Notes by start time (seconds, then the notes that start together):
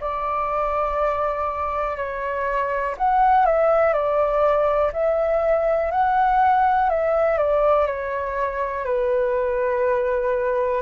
0.00 D5
1.96 C#5
2.97 F#5
3.45 E5
3.93 D5
4.92 E5
5.91 F#5
6.89 E5
7.37 D5
7.86 C#5
8.85 B4